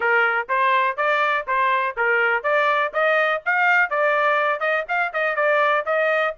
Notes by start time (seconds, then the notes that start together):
0.00 A#4
0.48 C5
0.96 D5
1.47 C5
1.96 A#4
2.43 D5
2.93 D#5
3.45 F5
3.90 D5
4.60 D#5
4.88 F5
5.13 D#5
5.35 D5
5.85 D#5